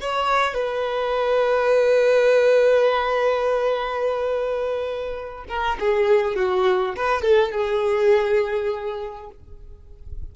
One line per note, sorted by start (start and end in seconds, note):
0.00 0.54 C#5
0.54 5.44 B4
5.48 5.78 A#4
5.79 6.35 G#4
6.35 6.95 F#4
6.95 7.22 B4
7.22 7.51 A4
7.51 9.29 G#4